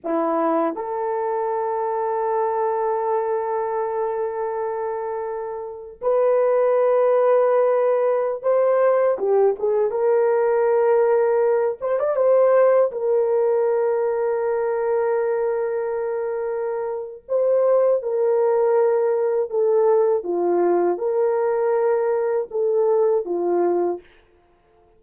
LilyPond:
\new Staff \with { instrumentName = "horn" } { \time 4/4 \tempo 4 = 80 e'4 a'2.~ | a'1 | b'2.~ b'16 c''8.~ | c''16 g'8 gis'8 ais'2~ ais'8 c''16 |
d''16 c''4 ais'2~ ais'8.~ | ais'2. c''4 | ais'2 a'4 f'4 | ais'2 a'4 f'4 | }